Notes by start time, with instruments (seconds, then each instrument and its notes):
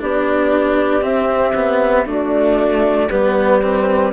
0.00 bassoon B3, cello D4, clarinet G4, flute D5
1.02 cello C4, bassoon C4, flute E5
1.55 cello B3
2.06 cello A3, bassoon D4, clarinet F#4, flute D5
3.09 bassoon G3, cello B3, clarinet G4, flute B4
3.63 cello C4